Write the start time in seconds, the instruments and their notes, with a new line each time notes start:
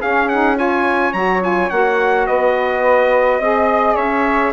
0.00 saxophone C#4, bassoon C#4, flute G#4, trumpet F5
0.28 saxophone D#4, trumpet F#5
0.56 saxophone F4, flute C#5, trumpet G#5
1.13 bassoon F#3, saxophone F#4, trumpet A#5
1.41 saxophone F4, trumpet G#5
1.70 bassoon A#3, saxophone F#4, trumpet F#5
2.27 bassoon B3, flute B4, trumpet D#5
3.39 bassoon C4, saxophone G#4, flute D#5
3.95 bassoon C#4, flute C#5, trumpet E5